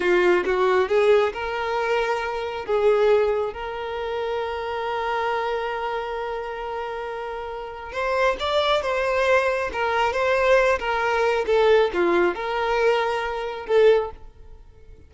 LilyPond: \new Staff \with { instrumentName = "violin" } { \time 4/4 \tempo 4 = 136 f'4 fis'4 gis'4 ais'4~ | ais'2 gis'2 | ais'1~ | ais'1~ |
ais'2 c''4 d''4 | c''2 ais'4 c''4~ | c''8 ais'4. a'4 f'4 | ais'2. a'4 | }